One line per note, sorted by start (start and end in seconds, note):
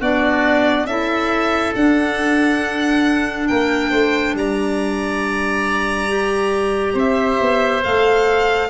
0.00 0.85 B3
0.00 0.88 D4
0.00 0.87 F#4
0.00 0.86 D5
0.85 1.72 C#4
0.85 1.76 E4
0.85 3.49 A4
0.85 1.73 E5
1.76 3.50 D4
1.76 6.08 D4
1.76 3.48 F#5
3.48 3.92 A#3
3.48 3.90 A#4
3.48 4.35 G5
3.90 4.34 A3
3.90 4.34 C5
4.34 6.95 G3
4.34 6.94 D5
4.34 6.99 A#5
6.08 7.82 G4
6.94 7.38 C4
6.94 8.68 C5
6.94 7.84 E5
7.41 7.85 B3
7.84 8.70 A3
7.84 8.70 A4
7.84 8.70 F5